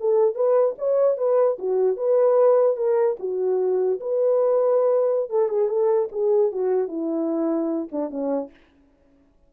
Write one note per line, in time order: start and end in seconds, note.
0.00 0.35 A4
0.35 0.75 B4
0.78 1.17 C#5
1.17 1.58 B4
1.59 1.97 F#4
1.97 2.77 B4
2.77 3.17 A#4
3.19 4.00 F#4
4.00 5.30 B4
5.30 5.49 A4
5.49 5.69 G#4
5.69 6.09 A4
6.12 6.52 G#4
6.52 6.88 F#4
6.88 7.89 E4
7.91 8.10 D4
8.10 8.50 C#4